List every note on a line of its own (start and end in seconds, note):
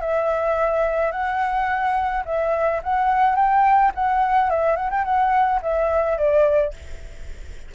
0.00 1.11 E5
1.11 2.24 F#5
2.25 2.81 E5
2.83 3.35 F#5
3.35 3.92 G5
3.95 4.50 F#5
4.50 4.76 E5
4.76 4.90 F#5
4.90 5.04 G5
5.04 5.60 F#5
5.62 6.17 E5
6.17 6.73 D5